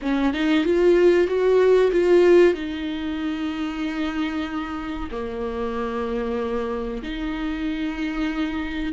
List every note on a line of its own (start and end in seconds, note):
0.02 0.33 C#4
0.33 0.64 D#4
0.64 1.27 F4
1.27 1.91 F#4
1.91 2.54 F4
2.54 5.09 D#4
5.11 7.02 A#3
7.02 8.92 D#4